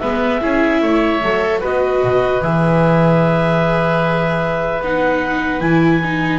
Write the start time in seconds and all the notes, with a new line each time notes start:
0.00 G#3 B3 B4 E5
0.42 C#4 E4 G#4
0.82 A3 C#5
1.22 F#3 A4
1.60 B3 F#4 B4 D#5
2.04 B2
2.42 E3 G#4 E5
4.81 B3 D#4 F#5
5.61 E3 E4 G#5
6.04 D#4